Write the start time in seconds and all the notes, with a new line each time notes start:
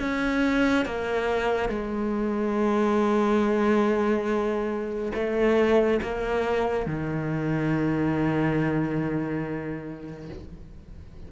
0.00 C#4
0.86 A#3
1.69 G#3
5.15 A3
6.02 A#3
6.86 D#3